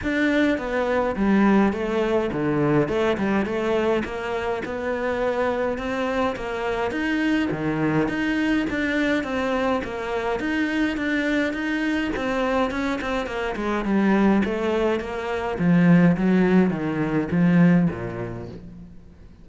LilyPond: \new Staff \with { instrumentName = "cello" } { \time 4/4 \tempo 4 = 104 d'4 b4 g4 a4 | d4 a8 g8 a4 ais4 | b2 c'4 ais4 | dis'4 dis4 dis'4 d'4 |
c'4 ais4 dis'4 d'4 | dis'4 c'4 cis'8 c'8 ais8 gis8 | g4 a4 ais4 f4 | fis4 dis4 f4 ais,4 | }